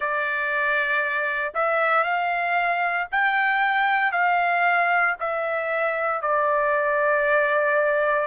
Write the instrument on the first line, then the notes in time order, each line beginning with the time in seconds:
trumpet
0.00 D5
1.54 E5
2.03 F5
3.11 G5
4.11 F5
5.20 E5
6.21 D5